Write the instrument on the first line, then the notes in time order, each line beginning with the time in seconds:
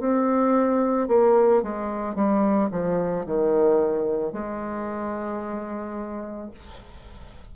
bassoon
0.00 C4
1.08 A#3
1.63 G#3
2.15 G3
2.71 F3
3.26 D#3
4.33 G#3